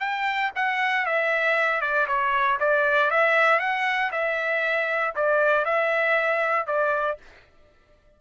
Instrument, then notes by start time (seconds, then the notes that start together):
trumpet
0.00 G5
0.55 F#5
1.06 E5
1.81 D5
2.07 C#5
2.60 D5
3.10 E5
3.60 F#5
4.12 E5
5.15 D5
5.65 E5
6.67 D5